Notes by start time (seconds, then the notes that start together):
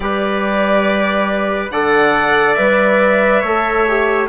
0.00 G3 G4 B4 D5
1.70 D3 A4 D5 F#5
2.54 G3 B4 E5
3.41 A3 A4 C#5
3.88 G4